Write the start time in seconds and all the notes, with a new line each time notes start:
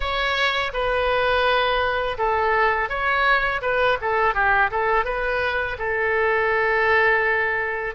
0.00 C#5
0.73 B4
2.18 A4
2.89 C#5
3.61 B4
4.01 A4
4.34 G4
4.71 A4
5.04 B4
5.78 A4